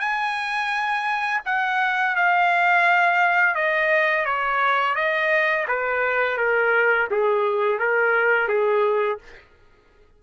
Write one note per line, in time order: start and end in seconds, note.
0.00 1.41 G#5
1.45 2.16 F#5
2.16 3.55 F5
3.55 4.25 D#5
4.25 4.95 C#5
4.95 5.66 D#5
5.68 6.37 B4
6.37 7.08 A#4
7.11 7.79 G#4
7.79 8.48 A#4
8.48 9.19 G#4